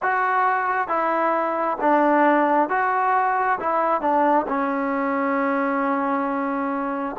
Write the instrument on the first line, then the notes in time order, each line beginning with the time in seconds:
trombone
0.02 F#4
0.88 E4
1.80 D4
2.69 F#4
3.60 E4
4.01 D4
4.47 C#4